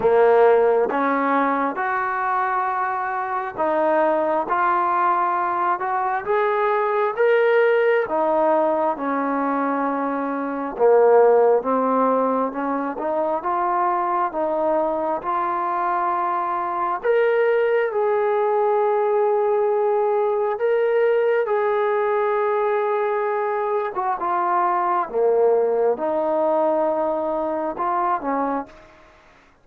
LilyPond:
\new Staff \with { instrumentName = "trombone" } { \time 4/4 \tempo 4 = 67 ais4 cis'4 fis'2 | dis'4 f'4. fis'8 gis'4 | ais'4 dis'4 cis'2 | ais4 c'4 cis'8 dis'8 f'4 |
dis'4 f'2 ais'4 | gis'2. ais'4 | gis'2~ gis'8. fis'16 f'4 | ais4 dis'2 f'8 cis'8 | }